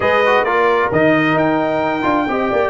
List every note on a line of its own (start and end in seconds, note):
0.00 0.42 G#3
0.00 0.23 G#4
0.00 0.44 B4
0.00 0.44 D#5
0.25 0.46 F#4
0.42 0.88 A#3
0.42 0.91 F4
0.42 2.26 A#4
0.42 0.89 D5
0.91 1.35 D#3
0.91 2.02 D#4
0.91 1.37 D#5
1.35 2.03 D#4
1.35 2.70 G5
2.02 2.27 D4
2.02 2.25 F4
2.28 2.51 C4
2.28 2.70 G4
2.28 2.50 D#5
2.50 2.70 A#3
2.50 2.70 D5